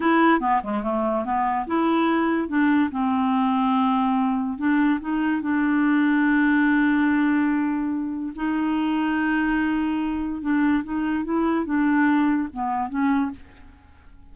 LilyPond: \new Staff \with { instrumentName = "clarinet" } { \time 4/4 \tempo 4 = 144 e'4 b8 gis8 a4 b4 | e'2 d'4 c'4~ | c'2. d'4 | dis'4 d'2.~ |
d'1 | dis'1~ | dis'4 d'4 dis'4 e'4 | d'2 b4 cis'4 | }